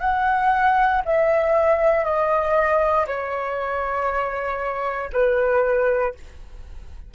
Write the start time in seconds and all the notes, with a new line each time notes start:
0.00 F#5
1.05 E5
2.04 D#5
3.06 C#5
5.13 B4